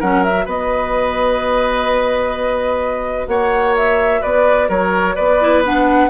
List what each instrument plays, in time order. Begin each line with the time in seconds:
0.00 bassoon F#3, clarinet C#4, oboe A#4, flute F#5
0.24 clarinet F#4, flute E5
0.45 bassoon B3, oboe B4, flute D#5
3.28 bassoon A#3, oboe C#5, flute F#5
3.77 flute E5
4.21 bassoon B3, oboe B4, flute D5
4.69 bassoon F#3, oboe A#4, flute C#5
5.15 bassoon B3, oboe B4, flute D5
5.41 clarinet E4
5.65 clarinet D4, flute F#5